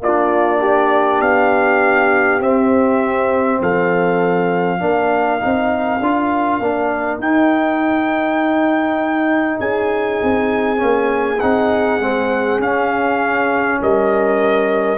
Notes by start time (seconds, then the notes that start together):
0.00 A#3 D4 F4 D5
0.60 G4
1.21 B3 F5
2.40 C4 E5
3.62 F3 A4 F5
4.79 A#3 D4 A#4
5.39 C4 D#4
6.00 D4 F4
6.59 A#3 D4
7.19 D#4 G5
9.60 C#4 G#4 G#5
10.23 C4
10.78 A#3 C#4
11.40 C4 D#4 F#5
12.00 G#3 C4
12.59 C#4 F5
13.82 G3 A#4 D#5